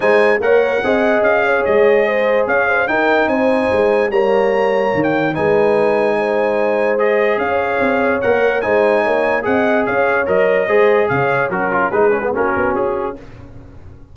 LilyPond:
<<
  \new Staff \with { instrumentName = "trumpet" } { \time 4/4 \tempo 4 = 146 gis''4 fis''2 f''4 | dis''2 f''4 g''4 | gis''2 ais''2~ | ais''16 g''8. gis''2.~ |
gis''4 dis''4 f''2 | fis''4 gis''2 fis''4 | f''4 dis''2 f''4 | ais'4 b'4 ais'4 gis'4 | }
  \new Staff \with { instrumentName = "horn" } { \time 4/4 c''4 cis''4 dis''4. cis''8~ | cis''4 c''4 cis''8 c''8 ais'4 | c''2 cis''2~ | cis''4 b'2 c''4~ |
c''2 cis''2~ | cis''4 c''4 cis''4 dis''4 | cis''2 c''4 cis''4 | cis'4 gis'4 fis'2 | }
  \new Staff \with { instrumentName = "trombone" } { \time 4/4 dis'4 ais'4 gis'2~ | gis'2. dis'4~ | dis'2 ais2~ | ais4 dis'2.~ |
dis'4 gis'2. | ais'4 dis'2 gis'4~ | gis'4 ais'4 gis'2 | fis'8 f'8 dis'8 cis'16 b16 cis'2 | }
  \new Staff \with { instrumentName = "tuba" } { \time 4/4 gis4 ais4 c'4 cis'4 | gis2 cis'4 dis'4 | c'4 gis4 g2 | dis4 gis2.~ |
gis2 cis'4 c'4 | ais4 gis4 ais4 c'4 | cis'4 fis4 gis4 cis4 | fis4 gis4 ais8 b8 cis'4 | }
>>